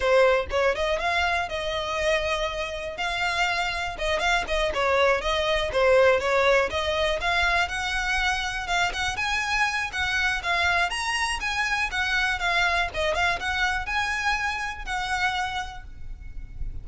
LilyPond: \new Staff \with { instrumentName = "violin" } { \time 4/4 \tempo 4 = 121 c''4 cis''8 dis''8 f''4 dis''4~ | dis''2 f''2 | dis''8 f''8 dis''8 cis''4 dis''4 c''8~ | c''8 cis''4 dis''4 f''4 fis''8~ |
fis''4. f''8 fis''8 gis''4. | fis''4 f''4 ais''4 gis''4 | fis''4 f''4 dis''8 f''8 fis''4 | gis''2 fis''2 | }